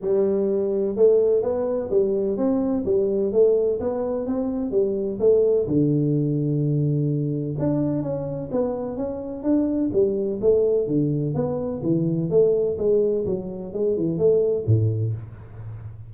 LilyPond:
\new Staff \with { instrumentName = "tuba" } { \time 4/4 \tempo 4 = 127 g2 a4 b4 | g4 c'4 g4 a4 | b4 c'4 g4 a4 | d1 |
d'4 cis'4 b4 cis'4 | d'4 g4 a4 d4 | b4 e4 a4 gis4 | fis4 gis8 e8 a4 a,4 | }